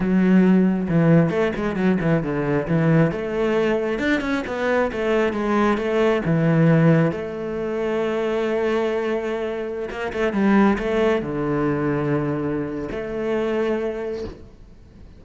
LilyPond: \new Staff \with { instrumentName = "cello" } { \time 4/4 \tempo 4 = 135 fis2 e4 a8 gis8 | fis8 e8 d4 e4 a4~ | a4 d'8 cis'8 b4 a4 | gis4 a4 e2 |
a1~ | a2~ a16 ais8 a8 g8.~ | g16 a4 d2~ d8.~ | d4 a2. | }